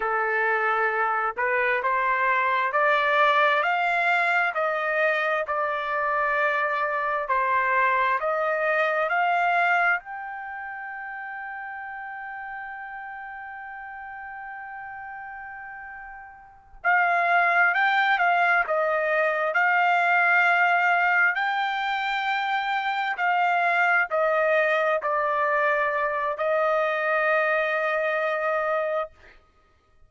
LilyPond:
\new Staff \with { instrumentName = "trumpet" } { \time 4/4 \tempo 4 = 66 a'4. b'8 c''4 d''4 | f''4 dis''4 d''2 | c''4 dis''4 f''4 g''4~ | g''1~ |
g''2~ g''8 f''4 g''8 | f''8 dis''4 f''2 g''8~ | g''4. f''4 dis''4 d''8~ | d''4 dis''2. | }